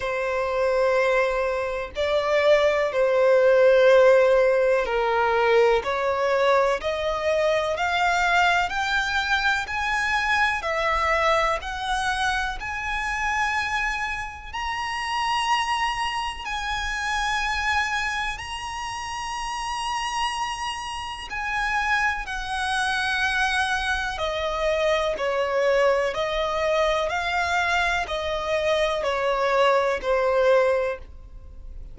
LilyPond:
\new Staff \with { instrumentName = "violin" } { \time 4/4 \tempo 4 = 62 c''2 d''4 c''4~ | c''4 ais'4 cis''4 dis''4 | f''4 g''4 gis''4 e''4 | fis''4 gis''2 ais''4~ |
ais''4 gis''2 ais''4~ | ais''2 gis''4 fis''4~ | fis''4 dis''4 cis''4 dis''4 | f''4 dis''4 cis''4 c''4 | }